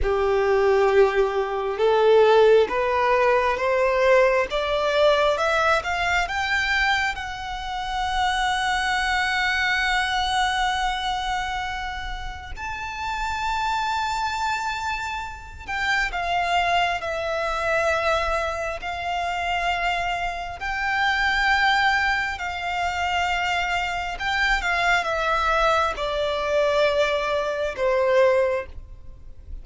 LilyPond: \new Staff \with { instrumentName = "violin" } { \time 4/4 \tempo 4 = 67 g'2 a'4 b'4 | c''4 d''4 e''8 f''8 g''4 | fis''1~ | fis''2 a''2~ |
a''4. g''8 f''4 e''4~ | e''4 f''2 g''4~ | g''4 f''2 g''8 f''8 | e''4 d''2 c''4 | }